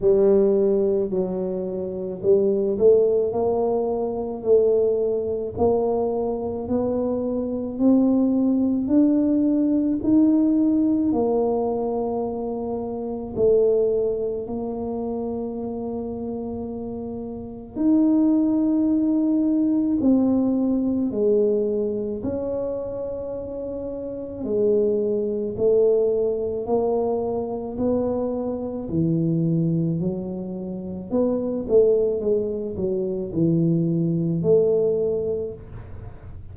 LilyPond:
\new Staff \with { instrumentName = "tuba" } { \time 4/4 \tempo 4 = 54 g4 fis4 g8 a8 ais4 | a4 ais4 b4 c'4 | d'4 dis'4 ais2 | a4 ais2. |
dis'2 c'4 gis4 | cis'2 gis4 a4 | ais4 b4 e4 fis4 | b8 a8 gis8 fis8 e4 a4 | }